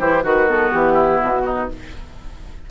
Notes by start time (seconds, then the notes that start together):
0.00 E3 E4 G4 C5
0.23 D#3 F#4 B4
0.48 B3 A4
0.72 E3 G4
0.93 E4
1.22 B2 F#4
1.46 D#4